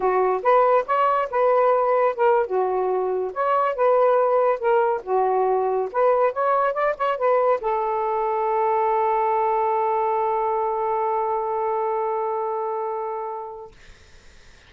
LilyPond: \new Staff \with { instrumentName = "saxophone" } { \time 4/4 \tempo 4 = 140 fis'4 b'4 cis''4 b'4~ | b'4 ais'8. fis'2 cis''16~ | cis''8. b'2 ais'4 fis'16~ | fis'4.~ fis'16 b'4 cis''4 d''16~ |
d''16 cis''8 b'4 a'2~ a'16~ | a'1~ | a'1~ | a'1 | }